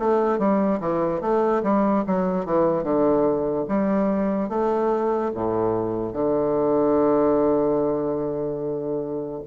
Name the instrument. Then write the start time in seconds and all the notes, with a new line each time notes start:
bassoon
0.00 A3
0.39 G3
0.81 E3
1.21 A3
1.63 G3
2.07 F#3
2.45 E3
2.84 D3
3.68 G3
4.49 A3
5.35 A2
6.13 D3